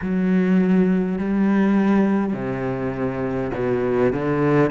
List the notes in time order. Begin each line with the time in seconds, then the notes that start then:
0.01 F#3
1.18 G3
2.33 C3
3.54 B2
4.12 D3